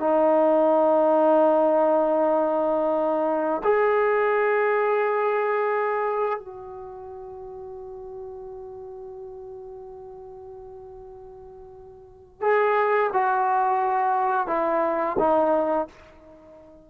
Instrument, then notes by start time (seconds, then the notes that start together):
trombone
0.00 D#4
3.64 G#4
6.39 F#4
12.41 G#4
13.13 F#4
14.48 E4
15.19 D#4